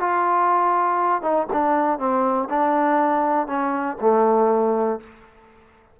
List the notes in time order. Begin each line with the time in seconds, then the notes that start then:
0.00 F4
1.22 D#4
1.53 D4
1.99 C4
2.50 D4
3.47 C#4
4.01 A3